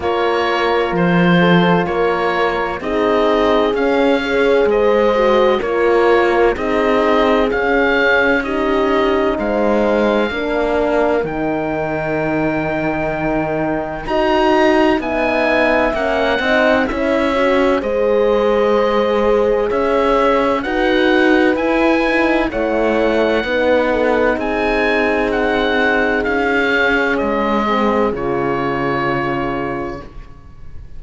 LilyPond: <<
  \new Staff \with { instrumentName = "oboe" } { \time 4/4 \tempo 4 = 64 cis''4 c''4 cis''4 dis''4 | f''4 dis''4 cis''4 dis''4 | f''4 dis''4 f''2 | g''2. ais''4 |
gis''4 fis''4 e''4 dis''4~ | dis''4 e''4 fis''4 gis''4 | fis''2 gis''4 fis''4 | f''4 dis''4 cis''2 | }
  \new Staff \with { instrumentName = "horn" } { \time 4/4 ais'4. a'8 ais'4 gis'4~ | gis'8 cis''8 c''4 ais'4 gis'4~ | gis'4 g'4 c''4 ais'4~ | ais'2. dis''4 |
e''4. dis''8 cis''4 c''4~ | c''4 cis''4 b'2 | cis''4 b'8 a'8 gis'2~ | gis'1 | }
  \new Staff \with { instrumentName = "horn" } { \time 4/4 f'2. dis'4 | cis'8 gis'4 fis'8 f'4 dis'4 | cis'4 dis'2 d'4 | dis'2. fis'4 |
dis'4 cis'8 dis'8 e'8 fis'8 gis'4~ | gis'2 fis'4 e'8 dis'8 | e'4 dis'2.~ | dis'8 cis'4 c'8 f'2 | }
  \new Staff \with { instrumentName = "cello" } { \time 4/4 ais4 f4 ais4 c'4 | cis'4 gis4 ais4 c'4 | cis'2 gis4 ais4 | dis2. dis'4 |
b4 ais8 c'8 cis'4 gis4~ | gis4 cis'4 dis'4 e'4 | a4 b4 c'2 | cis'4 gis4 cis2 | }
>>